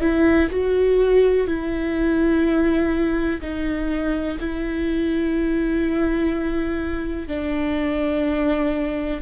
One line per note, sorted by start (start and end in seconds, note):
0.00 0.48 E4
0.51 1.47 F#4
1.47 3.41 E4
3.41 4.38 D#4
4.39 7.28 E4
7.28 9.21 D4